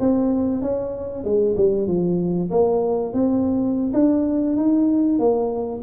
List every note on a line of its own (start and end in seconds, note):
0.00 0.62 C4
0.62 1.24 C#4
1.24 1.56 G#3
1.57 1.87 G3
1.87 2.51 F3
2.51 3.14 A#3
3.14 3.93 C4
3.94 4.56 D4
4.56 5.19 D#4
5.19 5.82 A#3